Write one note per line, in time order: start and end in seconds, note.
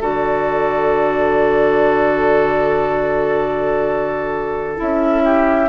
0.00 4.78 D3
0.00 4.77 F#4
0.00 5.23 A4
0.00 4.79 D5
4.77 5.69 C#4
4.77 5.67 E4
4.77 5.69 E5
5.24 5.69 G4